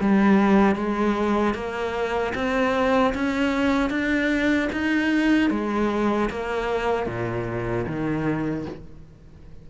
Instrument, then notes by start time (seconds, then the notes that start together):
cello
0.00 G3
0.75 G#3
1.54 A#3
2.34 C4
3.14 C#4
3.90 D4
4.72 D#4
5.50 G#3
6.29 A#3
7.06 A#2
7.86 D#3